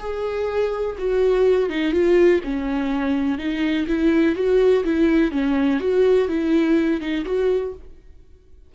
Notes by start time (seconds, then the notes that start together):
0.00 G#4
0.99 F#4
1.70 D#4
1.93 F4
2.44 C#4
3.39 D#4
3.88 E4
4.36 F#4
4.85 E4
5.32 C#4
5.80 F#4
6.28 E4
7.01 D#4
7.25 F#4